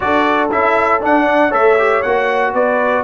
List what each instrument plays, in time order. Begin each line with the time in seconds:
0.00 tuba D4, trombone F#4, horn A4, trumpet D5
0.51 tuba C#4, trombone E4, trumpet E5
1.00 trombone D4, tuba D4, trumpet F#5
1.24 horn D5
1.49 tuba A3, trombone A4, horn C#5, trumpet E5
1.78 trombone G4
2.02 tuba A#3, trombone F#4, trumpet F#5
2.53 tuba B3, horn B4, trumpet D5